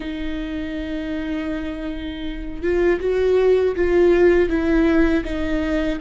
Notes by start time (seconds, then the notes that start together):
0.00 D#4
2.62 F4
3.00 F#4
3.75 F4
4.49 E4
5.24 D#4